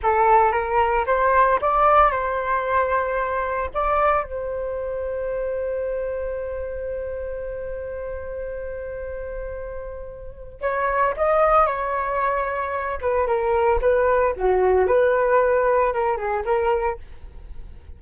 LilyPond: \new Staff \with { instrumentName = "flute" } { \time 4/4 \tempo 4 = 113 a'4 ais'4 c''4 d''4 | c''2. d''4 | c''1~ | c''1~ |
c''1 | cis''4 dis''4 cis''2~ | cis''8 b'8 ais'4 b'4 fis'4 | b'2 ais'8 gis'8 ais'4 | }